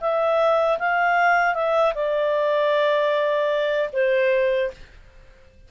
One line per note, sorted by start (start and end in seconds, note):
0.00 0.78 E5
0.78 1.54 F5
1.54 1.93 E5
1.94 3.89 D5
3.92 4.70 C5